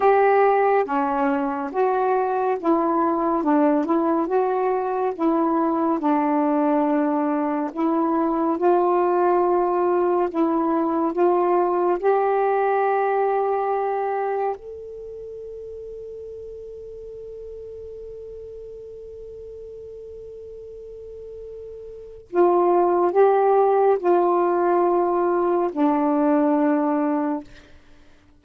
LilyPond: \new Staff \with { instrumentName = "saxophone" } { \time 4/4 \tempo 4 = 70 g'4 cis'4 fis'4 e'4 | d'8 e'8 fis'4 e'4 d'4~ | d'4 e'4 f'2 | e'4 f'4 g'2~ |
g'4 a'2.~ | a'1~ | a'2 f'4 g'4 | f'2 d'2 | }